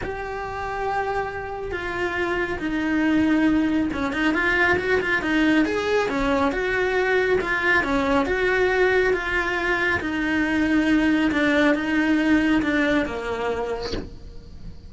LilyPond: \new Staff \with { instrumentName = "cello" } { \time 4/4 \tempo 4 = 138 g'1 | f'2 dis'2~ | dis'4 cis'8 dis'8 f'4 fis'8 f'8 | dis'4 gis'4 cis'4 fis'4~ |
fis'4 f'4 cis'4 fis'4~ | fis'4 f'2 dis'4~ | dis'2 d'4 dis'4~ | dis'4 d'4 ais2 | }